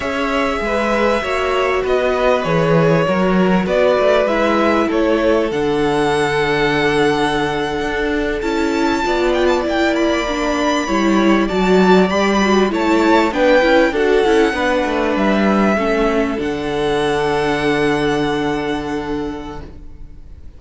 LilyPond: <<
  \new Staff \with { instrumentName = "violin" } { \time 4/4 \tempo 4 = 98 e''2. dis''4 | cis''2 d''4 e''4 | cis''4 fis''2.~ | fis''4.~ fis''16 a''4. g''16 a''16 g''16~ |
g''16 b''2~ b''8 a''4 b''16~ | b''8. a''4 g''4 fis''4~ fis''16~ | fis''8. e''2 fis''4~ fis''16~ | fis''1 | }
  \new Staff \with { instrumentName = "violin" } { \time 4/4 cis''4 b'4 cis''4 b'4~ | b'4 ais'4 b'2 | a'1~ | a'2~ a'8. d''4~ d''16~ |
d''4.~ d''16 cis''4 d''4~ d''16~ | d''8. cis''4 b'4 a'4 b'16~ | b'4.~ b'16 a'2~ a'16~ | a'1 | }
  \new Staff \with { instrumentName = "viola" } { \time 4/4 gis'2 fis'2 | gis'4 fis'2 e'4~ | e'4 d'2.~ | d'4.~ d'16 e'4 f'4 e'16~ |
e'8. d'4 e'4 fis'4 g'16~ | g'16 fis'8 e'4 d'8 e'8 fis'8 e'8 d'16~ | d'4.~ d'16 cis'4 d'4~ d'16~ | d'1 | }
  \new Staff \with { instrumentName = "cello" } { \time 4/4 cis'4 gis4 ais4 b4 | e4 fis4 b8 a8 gis4 | a4 d2.~ | d8. d'4 cis'4 b4 ais16~ |
ais4.~ ais16 g4 fis4 g16~ | g8. a4 b8 cis'8 d'8 cis'8 b16~ | b16 a8 g4 a4 d4~ d16~ | d1 | }
>>